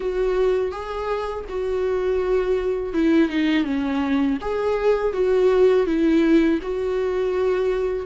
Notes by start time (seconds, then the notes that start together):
0.00 F#4
0.72 G#4
1.48 F#4
2.93 E4
3.29 D#4
3.64 C#4
4.41 G#4
5.13 F#4
5.86 E4
6.62 F#4